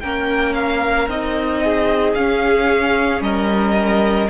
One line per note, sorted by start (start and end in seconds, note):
0.00 1.07 A#3
0.00 1.09 C#4
0.00 1.63 A#4
0.00 0.54 G5
0.54 1.08 F5
1.07 2.15 C4
1.07 2.17 D#4
1.07 2.14 D#5
1.63 3.24 G#4
2.14 3.21 C#4
2.14 4.29 C#4
2.14 3.21 F5
3.21 4.28 G3
3.21 4.29 A#4
3.21 4.29 D#5